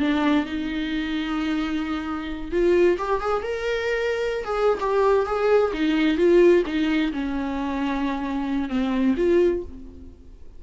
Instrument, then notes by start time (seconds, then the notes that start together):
viola
0.00 D4
0.46 D#4
2.52 F4
2.98 G4
3.21 G#4
3.43 A#4
4.45 G#4
4.80 G4
5.26 G#4
5.73 D#4
6.17 F4
6.67 D#4
7.12 C#4
8.69 C4
9.17 F4